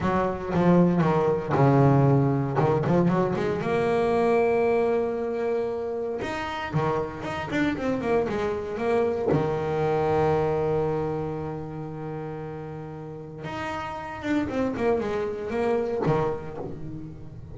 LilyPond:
\new Staff \with { instrumentName = "double bass" } { \time 4/4 \tempo 4 = 116 fis4 f4 dis4 cis4~ | cis4 dis8 f8 fis8 gis8 ais4~ | ais1 | dis'4 dis4 dis'8 d'8 c'8 ais8 |
gis4 ais4 dis2~ | dis1~ | dis2 dis'4. d'8 | c'8 ais8 gis4 ais4 dis4 | }